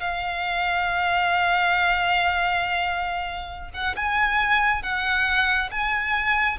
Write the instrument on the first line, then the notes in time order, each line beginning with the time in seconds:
violin
0.00 F5
3.74 F#5
3.96 G#5
4.83 F#5
5.71 G#5